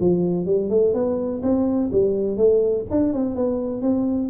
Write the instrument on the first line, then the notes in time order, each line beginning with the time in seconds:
tuba
0.00 F3
0.46 G3
0.70 A3
0.93 B3
1.42 C4
1.92 G3
2.37 A3
2.91 D4
3.13 C4
3.35 B3
3.81 C4